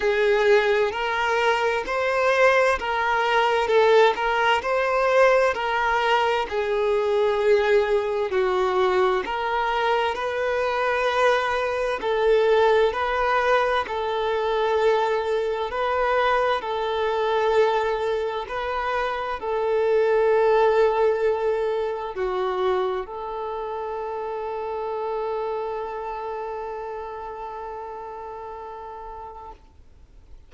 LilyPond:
\new Staff \with { instrumentName = "violin" } { \time 4/4 \tempo 4 = 65 gis'4 ais'4 c''4 ais'4 | a'8 ais'8 c''4 ais'4 gis'4~ | gis'4 fis'4 ais'4 b'4~ | b'4 a'4 b'4 a'4~ |
a'4 b'4 a'2 | b'4 a'2. | fis'4 a'2.~ | a'1 | }